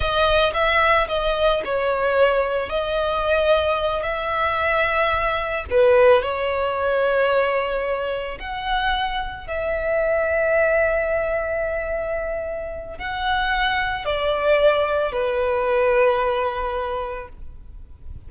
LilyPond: \new Staff \with { instrumentName = "violin" } { \time 4/4 \tempo 4 = 111 dis''4 e''4 dis''4 cis''4~ | cis''4 dis''2~ dis''8 e''8~ | e''2~ e''8 b'4 cis''8~ | cis''2.~ cis''8 fis''8~ |
fis''4. e''2~ e''8~ | e''1 | fis''2 d''2 | b'1 | }